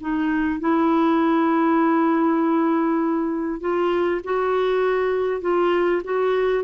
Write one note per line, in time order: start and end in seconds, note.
0.00 0.60 D#4
0.60 3.60 E4
3.60 4.21 F4
4.24 5.41 F#4
5.41 6.02 F4
6.04 6.64 F#4